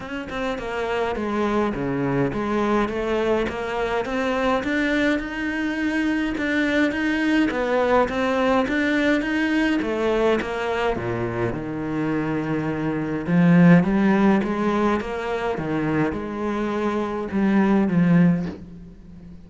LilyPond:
\new Staff \with { instrumentName = "cello" } { \time 4/4 \tempo 4 = 104 cis'8 c'8 ais4 gis4 cis4 | gis4 a4 ais4 c'4 | d'4 dis'2 d'4 | dis'4 b4 c'4 d'4 |
dis'4 a4 ais4 ais,4 | dis2. f4 | g4 gis4 ais4 dis4 | gis2 g4 f4 | }